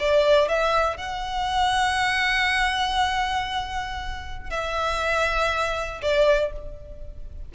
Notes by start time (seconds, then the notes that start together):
0.00 D5
0.49 E5
0.97 F#5
4.50 E5
6.03 D5